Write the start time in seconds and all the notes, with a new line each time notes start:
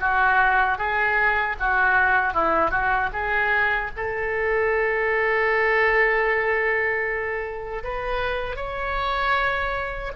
0.00 F#4
0.78 G#4
1.60 F#4
2.33 E4
2.71 F#4
3.13 G#4
3.96 A4
7.83 B4
8.56 C#5